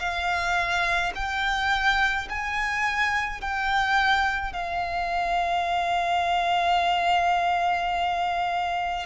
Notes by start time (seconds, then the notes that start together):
0.00 F5
1.15 G5
2.30 G#5
3.41 G5
4.53 F5